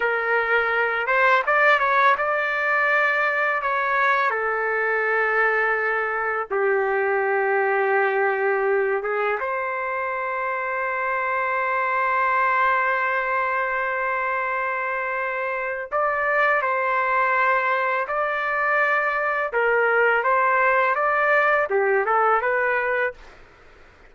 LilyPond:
\new Staff \with { instrumentName = "trumpet" } { \time 4/4 \tempo 4 = 83 ais'4. c''8 d''8 cis''8 d''4~ | d''4 cis''4 a'2~ | a'4 g'2.~ | g'8 gis'8 c''2.~ |
c''1~ | c''2 d''4 c''4~ | c''4 d''2 ais'4 | c''4 d''4 g'8 a'8 b'4 | }